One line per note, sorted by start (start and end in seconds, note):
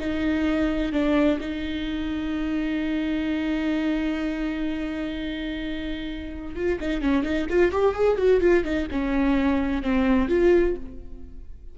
0.00 0.93 D#4
0.93 1.40 D4
1.41 6.56 D#4
6.56 6.79 F4
6.81 7.02 D#4
7.02 7.24 C#4
7.24 7.47 D#4
7.50 7.72 F4
7.72 7.95 G4
7.95 8.18 G#4
8.18 8.41 F#4
8.41 8.64 F4
8.64 8.88 D#4
8.91 9.83 C#4
9.83 10.29 C4
10.29 10.76 F4